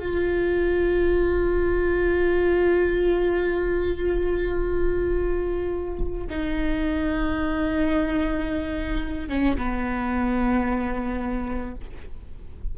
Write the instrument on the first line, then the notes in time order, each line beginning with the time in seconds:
viola
0.00 F4
6.30 D#4
9.29 C#4
9.58 B3